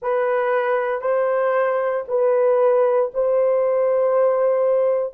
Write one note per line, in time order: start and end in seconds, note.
0.02 1.01 B4
1.01 2.04 C5
2.08 3.11 B4
3.14 5.13 C5